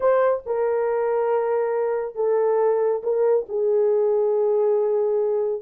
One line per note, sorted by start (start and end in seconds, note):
0.00 0.43 C5
0.46 2.15 A#4
2.15 3.02 A4
3.03 3.46 A#4
3.49 5.61 G#4